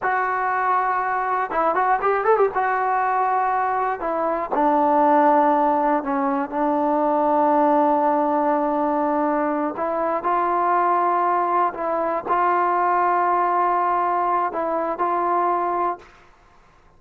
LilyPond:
\new Staff \with { instrumentName = "trombone" } { \time 4/4 \tempo 4 = 120 fis'2. e'8 fis'8 | g'8 a'16 g'16 fis'2. | e'4 d'2. | cis'4 d'2.~ |
d'2.~ d'8 e'8~ | e'8 f'2. e'8~ | e'8 f'2.~ f'8~ | f'4 e'4 f'2 | }